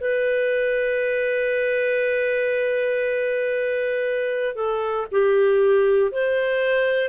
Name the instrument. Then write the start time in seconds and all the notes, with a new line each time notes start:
clarinet
0.00 B4
4.55 A4
5.11 G4
6.11 C5